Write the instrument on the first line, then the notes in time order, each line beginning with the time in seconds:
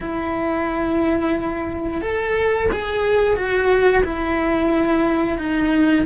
cello
0.01 E4
2.01 A4
2.72 G#4
3.36 F#4
4.04 E4
5.37 D#4